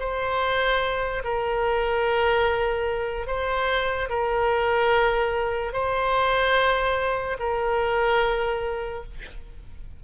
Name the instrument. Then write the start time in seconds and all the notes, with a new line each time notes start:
oboe
0.00 C5
1.24 A#4
3.27 C5
4.09 A#4
5.73 C5
7.40 A#4